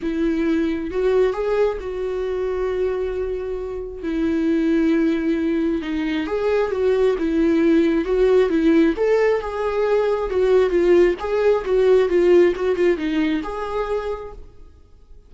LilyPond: \new Staff \with { instrumentName = "viola" } { \time 4/4 \tempo 4 = 134 e'2 fis'4 gis'4 | fis'1~ | fis'4 e'2.~ | e'4 dis'4 gis'4 fis'4 |
e'2 fis'4 e'4 | a'4 gis'2 fis'4 | f'4 gis'4 fis'4 f'4 | fis'8 f'8 dis'4 gis'2 | }